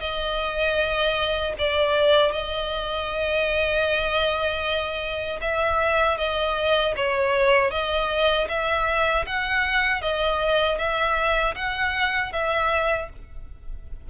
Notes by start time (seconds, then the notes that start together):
0.00 D#5
1.58 D5
2.32 D#5
5.41 E5
6.18 D#5
6.97 C#5
7.71 D#5
8.49 E5
9.27 F#5
10.02 D#5
10.78 E5
11.56 F#5
12.33 E5